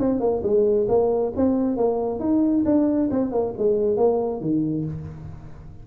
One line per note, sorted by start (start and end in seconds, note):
0.00 0.20 C4
0.20 0.43 A#3
0.44 0.88 G#3
0.89 1.33 A#3
1.37 1.77 C4
1.77 2.20 A#3
2.20 2.64 D#4
2.66 3.10 D4
3.11 3.32 C4
3.32 3.54 A#3
3.59 3.97 G#3
3.97 4.41 A#3
4.41 4.85 D#3